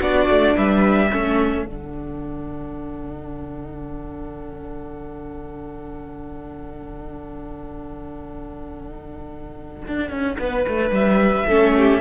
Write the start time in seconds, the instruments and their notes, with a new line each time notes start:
0.00 cello B3, viola D4, violin F#4 D5
0.29 cello A3
0.57 cello G3, violin B4 E5
1.09 cello A3, viola C#4, violin A4
1.65 cello D3, viola D4, violin F#5
9.87 cello D4
10.10 cello C#4
10.38 cello B3, violin B4
10.67 cello A3
10.90 cello G3, violin E5
11.45 cello A3, viola C#4, violin A4
11.76 violin G4